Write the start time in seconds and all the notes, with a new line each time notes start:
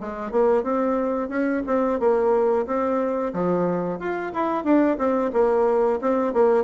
0.00 G#3
0.31 A#3
0.63 C4
1.29 C#4
1.66 C4
1.99 A#3
2.66 C4
3.33 F3
3.99 F4
4.33 E4
4.64 D4
4.98 C4
5.33 A#3
6.01 C4
6.33 A#3